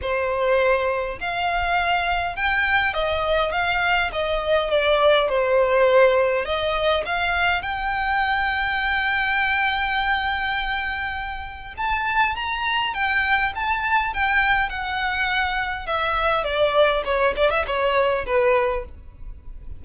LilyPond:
\new Staff \with { instrumentName = "violin" } { \time 4/4 \tempo 4 = 102 c''2 f''2 | g''4 dis''4 f''4 dis''4 | d''4 c''2 dis''4 | f''4 g''2.~ |
g''1 | a''4 ais''4 g''4 a''4 | g''4 fis''2 e''4 | d''4 cis''8 d''16 e''16 cis''4 b'4 | }